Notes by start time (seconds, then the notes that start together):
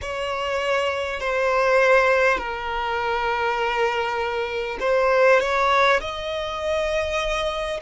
0.01 C#5
1.20 C5
2.38 A#4
4.80 C5
5.39 C#5
6.00 D#5